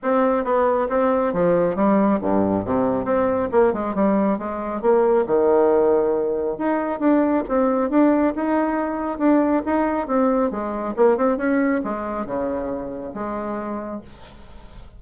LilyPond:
\new Staff \with { instrumentName = "bassoon" } { \time 4/4 \tempo 4 = 137 c'4 b4 c'4 f4 | g4 g,4 c4 c'4 | ais8 gis8 g4 gis4 ais4 | dis2. dis'4 |
d'4 c'4 d'4 dis'4~ | dis'4 d'4 dis'4 c'4 | gis4 ais8 c'8 cis'4 gis4 | cis2 gis2 | }